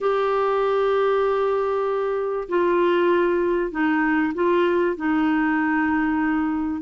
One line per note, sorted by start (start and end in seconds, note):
0.01 2.48 G4
2.49 3.71 F4
3.71 4.33 D#4
4.34 4.96 F4
4.96 6.81 D#4